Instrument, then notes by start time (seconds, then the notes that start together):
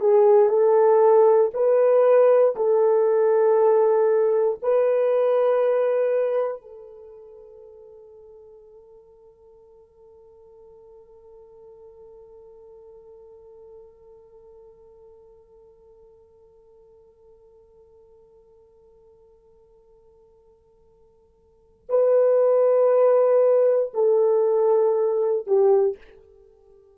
horn
0.00 G#4
0.49 A4
1.53 B4
2.56 A4
4.62 B4
6.61 A4
21.89 B4
23.94 A4
25.47 G4